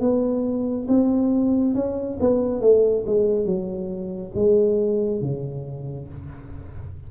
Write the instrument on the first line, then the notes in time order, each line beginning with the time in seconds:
tuba
0.00 B3
0.88 C4
1.75 C#4
2.20 B3
2.61 A3
3.06 G#3
3.45 F#3
4.35 G#3
5.21 C#3